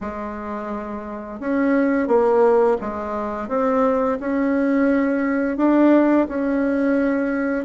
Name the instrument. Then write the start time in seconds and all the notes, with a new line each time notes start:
bassoon
0.00 G#3
1.40 C#4
2.07 A#3
2.80 G#3
3.48 C4
4.20 C#4
5.57 D4
6.28 C#4